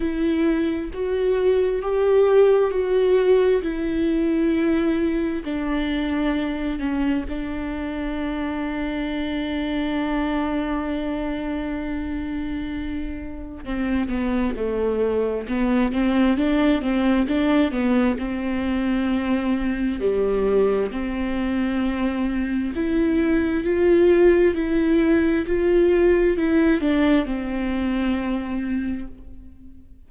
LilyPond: \new Staff \with { instrumentName = "viola" } { \time 4/4 \tempo 4 = 66 e'4 fis'4 g'4 fis'4 | e'2 d'4. cis'8 | d'1~ | d'2. c'8 b8 |
a4 b8 c'8 d'8 c'8 d'8 b8 | c'2 g4 c'4~ | c'4 e'4 f'4 e'4 | f'4 e'8 d'8 c'2 | }